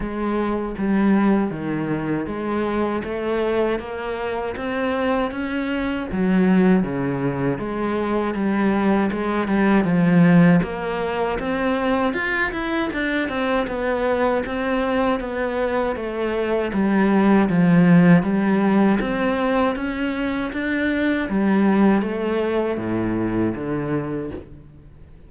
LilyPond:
\new Staff \with { instrumentName = "cello" } { \time 4/4 \tempo 4 = 79 gis4 g4 dis4 gis4 | a4 ais4 c'4 cis'4 | fis4 cis4 gis4 g4 | gis8 g8 f4 ais4 c'4 |
f'8 e'8 d'8 c'8 b4 c'4 | b4 a4 g4 f4 | g4 c'4 cis'4 d'4 | g4 a4 a,4 d4 | }